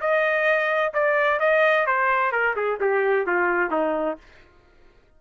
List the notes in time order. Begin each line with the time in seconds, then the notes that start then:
0.00 D#5
0.93 D5
1.40 D#5
1.86 C5
2.32 A#4
2.56 G#4
2.80 G4
3.26 F4
3.71 D#4